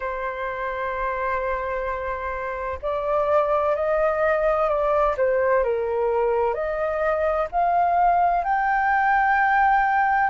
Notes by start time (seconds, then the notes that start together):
0.00 C5
2.82 D5
3.75 D#5
4.68 D5
5.16 C5
5.63 A#4
6.54 D#5
7.51 F5
8.44 G5